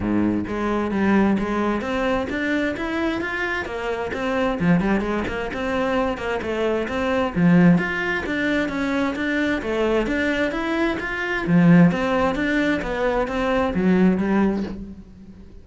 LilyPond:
\new Staff \with { instrumentName = "cello" } { \time 4/4 \tempo 4 = 131 gis,4 gis4 g4 gis4 | c'4 d'4 e'4 f'4 | ais4 c'4 f8 g8 gis8 ais8 | c'4. ais8 a4 c'4 |
f4 f'4 d'4 cis'4 | d'4 a4 d'4 e'4 | f'4 f4 c'4 d'4 | b4 c'4 fis4 g4 | }